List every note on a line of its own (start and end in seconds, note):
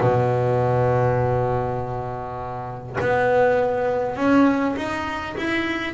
0.00 2.97 B2
3.00 4.16 B3
4.16 4.75 C#4
4.76 5.35 D#4
5.37 5.94 E4